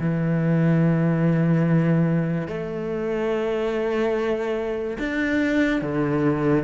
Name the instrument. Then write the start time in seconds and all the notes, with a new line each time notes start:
cello
0.00 E3
2.48 A3
4.99 D4
5.82 D3